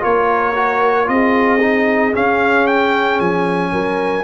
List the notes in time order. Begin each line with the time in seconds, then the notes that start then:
0.00 A#3 F4 A#4 C#5
0.55 F#4
1.06 C4 F4 G#4 D#5
1.60 D#4
2.13 C#4 F5
2.67 G5
3.20 F3 G#5
3.72 F#3 A#4